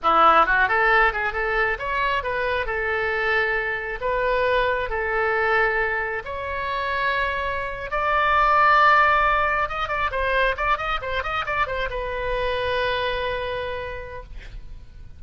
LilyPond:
\new Staff \with { instrumentName = "oboe" } { \time 4/4 \tempo 4 = 135 e'4 fis'8 a'4 gis'8 a'4 | cis''4 b'4 a'2~ | a'4 b'2 a'4~ | a'2 cis''2~ |
cis''4.~ cis''16 d''2~ d''16~ | d''4.~ d''16 dis''8 d''8 c''4 d''16~ | d''16 dis''8 c''8 dis''8 d''8 c''8 b'4~ b'16~ | b'1 | }